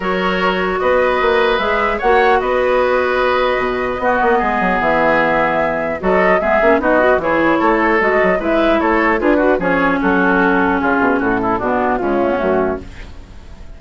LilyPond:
<<
  \new Staff \with { instrumentName = "flute" } { \time 4/4 \tempo 4 = 150 cis''2 dis''2 | e''4 fis''4 dis''2~ | dis''1 | e''2. dis''4 |
e''4 dis''4 cis''2 | dis''4 e''4 cis''4 b'4 | cis''4 a'2 gis'4 | a'4 fis'4 f'4 fis'4 | }
  \new Staff \with { instrumentName = "oboe" } { \time 4/4 ais'2 b'2~ | b'4 cis''4 b'2~ | b'2 fis'4 gis'4~ | gis'2. a'4 |
gis'4 fis'4 gis'4 a'4~ | a'4 b'4 a'4 gis'8 fis'8 | gis'4 fis'2 f'4 | fis'8 e'8 d'4 cis'2 | }
  \new Staff \with { instrumentName = "clarinet" } { \time 4/4 fis'1 | gis'4 fis'2.~ | fis'2 b2~ | b2. fis'4 |
b8 cis'8 dis'8 fis'8 e'2 | fis'4 e'2 f'8 fis'8 | cis'1~ | cis'4 b4 gis8 a16 b16 a4 | }
  \new Staff \with { instrumentName = "bassoon" } { \time 4/4 fis2 b4 ais4 | gis4 ais4 b2~ | b4 b,4 b8 ais8 gis8 fis8 | e2. fis4 |
gis8 ais8 b4 e4 a4 | gis8 fis8 gis4 a4 d'4 | f4 fis2 cis8 b,8 | a,4 b,4 cis4 fis,4 | }
>>